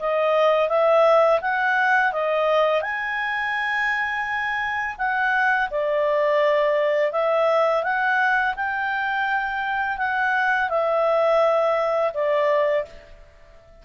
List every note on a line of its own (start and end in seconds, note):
0.00 0.69 D#5
0.69 1.40 E5
1.42 2.13 F#5
2.13 2.82 D#5
2.82 4.96 G#5
4.98 5.69 F#5
5.71 7.12 D5
7.12 7.83 E5
7.83 8.55 F#5
8.56 9.98 G5
9.98 10.69 F#5
10.70 12.13 E5
12.14 12.85 D5